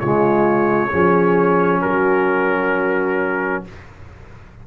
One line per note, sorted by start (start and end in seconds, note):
0.00 0.93 C#3
0.00 0.93 G#3
0.00 0.91 F4
0.00 1.82 C#5
0.91 1.84 F3
0.91 3.65 C#4
0.91 1.81 G#4
1.81 3.67 F#3
1.81 3.63 F#4
1.81 3.63 A#4